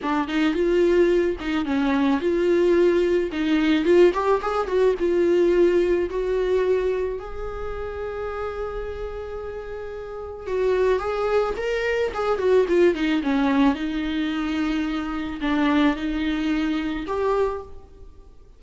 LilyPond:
\new Staff \with { instrumentName = "viola" } { \time 4/4 \tempo 4 = 109 d'8 dis'8 f'4. dis'8 cis'4 | f'2 dis'4 f'8 g'8 | gis'8 fis'8 f'2 fis'4~ | fis'4 gis'2.~ |
gis'2. fis'4 | gis'4 ais'4 gis'8 fis'8 f'8 dis'8 | cis'4 dis'2. | d'4 dis'2 g'4 | }